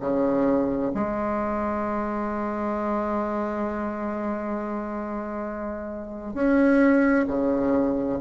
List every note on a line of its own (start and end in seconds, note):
0.00 0.91 C#3
0.94 6.34 G#3
6.34 7.25 C#4
7.27 8.18 C#3